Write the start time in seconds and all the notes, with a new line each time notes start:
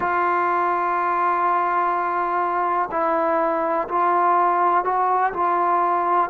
0.00 F4
2.91 E4
3.88 F4
4.84 F#4
5.33 F4